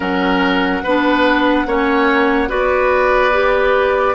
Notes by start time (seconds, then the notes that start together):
0.00 F#3 C#4 A#4 F#5
0.83 B3 D4 B4
1.66 A#3 C#4 C#5
2.48 B3 F#4 B4 D5
3.32 G4